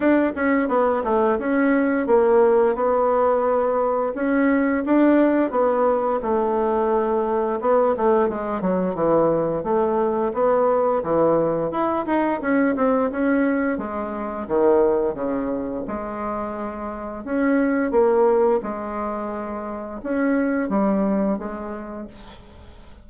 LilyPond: \new Staff \with { instrumentName = "bassoon" } { \time 4/4 \tempo 4 = 87 d'8 cis'8 b8 a8 cis'4 ais4 | b2 cis'4 d'4 | b4 a2 b8 a8 | gis8 fis8 e4 a4 b4 |
e4 e'8 dis'8 cis'8 c'8 cis'4 | gis4 dis4 cis4 gis4~ | gis4 cis'4 ais4 gis4~ | gis4 cis'4 g4 gis4 | }